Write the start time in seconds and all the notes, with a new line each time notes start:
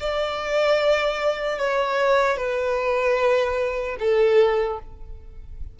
0.00 D5
1.59 C#5
2.37 B4
3.99 A4